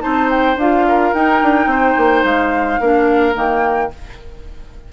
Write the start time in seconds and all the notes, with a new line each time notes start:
0.00 C4 D#4 C5 A5
0.30 G5
0.56 D4 F4 F5
0.88 A#4
1.14 D#4 G5
1.42 D4
1.66 C4 C5
1.97 A#3
2.24 G#3 F5
2.80 A#3 D4 A#4
3.34 D#3 A#3 G5